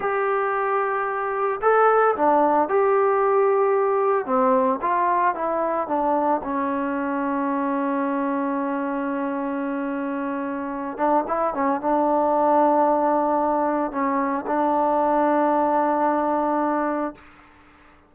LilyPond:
\new Staff \with { instrumentName = "trombone" } { \time 4/4 \tempo 4 = 112 g'2. a'4 | d'4 g'2. | c'4 f'4 e'4 d'4 | cis'1~ |
cis'1~ | cis'8 d'8 e'8 cis'8 d'2~ | d'2 cis'4 d'4~ | d'1 | }